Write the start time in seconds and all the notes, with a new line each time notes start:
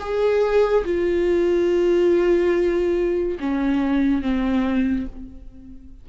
0.00 G#4
0.85 F4
3.40 C#4
4.22 C4